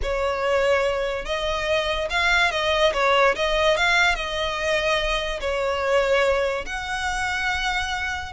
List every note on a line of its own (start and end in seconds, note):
0.02 1.25 C#5
1.25 2.08 D#5
2.09 2.51 F5
2.51 2.92 D#5
2.93 3.35 C#5
3.35 3.76 D#5
3.76 4.15 F5
4.15 5.40 D#5
5.40 6.65 C#5
6.66 8.32 F#5